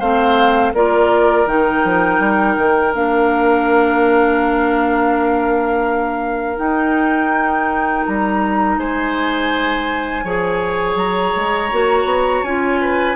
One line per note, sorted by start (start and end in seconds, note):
0.00 0.73 A3
0.00 0.75 C4
0.00 0.73 C5
0.00 0.74 F5
0.73 1.46 A#3
0.73 1.47 F4
0.73 8.79 A#4
0.73 1.48 D5
1.46 1.83 D#3
1.46 2.93 D#4
1.46 2.94 G5
1.84 2.19 F3
2.19 2.56 G3
2.58 2.94 D#3
2.94 6.59 A#3
2.94 6.57 D4
2.94 6.58 F5
6.57 10.23 D#4
6.57 8.05 D#4
6.57 8.05 G5
8.06 8.78 G3
8.06 8.79 A#5
8.78 10.24 G#3
8.78 10.25 C5
8.78 10.97 G#5
10.24 10.95 F3
10.24 11.72 G#4
10.24 12.81 C#5
10.95 11.32 F#3
10.95 12.44 A#5
11.36 11.72 G#3
11.72 12.05 A#3
11.72 12.45 F#4
12.05 12.41 B3
12.43 13.16 C#4
12.43 13.16 F4
12.43 13.16 G#5
12.81 13.16 B4